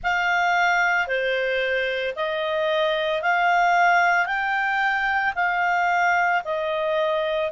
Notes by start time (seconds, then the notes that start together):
0.03 F5
1.07 C5
2.15 D#5
3.21 F5
4.26 G5
5.35 F5
6.44 D#5